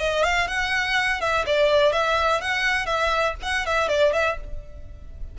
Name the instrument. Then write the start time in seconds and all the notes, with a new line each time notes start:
violin
0.00 D#5
0.24 F5
0.48 F#5
1.21 E5
1.46 D5
1.93 E5
2.42 F#5
2.87 E5
3.43 F#5
3.67 E5
3.89 D5
4.13 E5